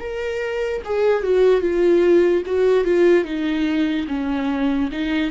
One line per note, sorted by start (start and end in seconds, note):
0.00 0.82 A#4
0.85 1.23 G#4
1.23 1.61 F#4
1.61 2.43 F4
2.46 2.85 F#4
2.85 3.24 F4
3.24 4.06 D#4
4.08 4.90 C#4
4.92 5.31 D#4